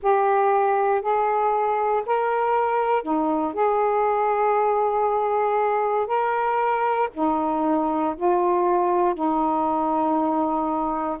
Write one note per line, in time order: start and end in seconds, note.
0.02 1.01 G4
1.01 2.03 G#4
2.06 3.02 A#4
3.02 3.53 D#4
3.53 6.06 G#4
6.06 7.08 A#4
7.13 8.15 D#4
8.16 9.14 F4
9.14 11.18 D#4